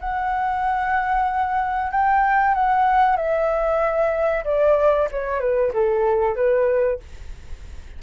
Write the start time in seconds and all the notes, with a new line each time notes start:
0.00 F#5
1.91 G5
2.54 F#5
3.16 E5
4.44 D5
5.11 C#5
5.40 B4
5.73 A4
6.36 B4